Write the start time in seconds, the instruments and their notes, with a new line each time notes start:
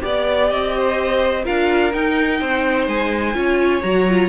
0.00 cello B3, viola G4, violin D5
0.50 cello C4, violin D#5
0.77 violin C5
1.44 cello D4, viola F4, violin A#4 F5
1.93 viola D#4, cello D#4, violin G5
2.41 cello C4, violin C5
2.88 cello G#3, violin G#5
3.34 cello C#4, viola F4, violin C#5
3.82 cello F#3, viola F#4, violin A#5
4.09 viola F4